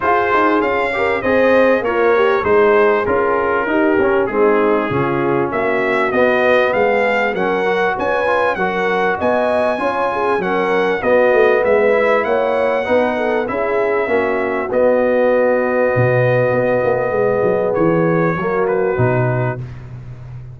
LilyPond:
<<
  \new Staff \with { instrumentName = "trumpet" } { \time 4/4 \tempo 4 = 98 c''4 f''4 dis''4 cis''4 | c''4 ais'2 gis'4~ | gis'4 e''4 dis''4 f''4 | fis''4 gis''4 fis''4 gis''4~ |
gis''4 fis''4 dis''4 e''4 | fis''2 e''2 | dis''1~ | dis''4 cis''4. b'4. | }
  \new Staff \with { instrumentName = "horn" } { \time 4/4 gis'4. ais'8 c''4 f'8 g'8 | gis'2 g'4 dis'4 | f'4 fis'2 gis'4 | ais'4 b'4 ais'4 dis''4 |
cis''8 gis'8 ais'4 fis'4 b'4 | cis''4 b'8 a'8 gis'4 fis'4~ | fis'1 | gis'2 fis'2 | }
  \new Staff \with { instrumentName = "trombone" } { \time 4/4 f'4. g'8 gis'4 ais'4 | dis'4 f'4 dis'8 cis'8 c'4 | cis'2 b2 | cis'8 fis'4 f'8 fis'2 |
f'4 cis'4 b4. e'8~ | e'4 dis'4 e'4 cis'4 | b1~ | b2 ais4 dis'4 | }
  \new Staff \with { instrumentName = "tuba" } { \time 4/4 f'8 dis'8 cis'4 c'4 ais4 | gis4 cis'4 dis'8 cis'8 gis4 | cis4 ais4 b4 gis4 | fis4 cis'4 fis4 b4 |
cis'4 fis4 b8 a8 gis4 | ais4 b4 cis'4 ais4 | b2 b,4 b8 ais8 | gis8 fis8 e4 fis4 b,4 | }
>>